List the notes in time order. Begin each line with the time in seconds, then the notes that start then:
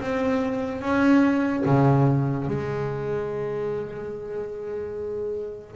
0.00 C4
0.81 C#4
1.65 C#3
2.47 G#3